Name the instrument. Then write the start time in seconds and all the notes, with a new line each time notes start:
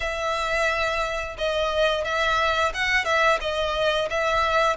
violin
0.00 E5
1.38 D#5
2.04 E5
2.74 F#5
3.04 E5
3.40 D#5
4.09 E5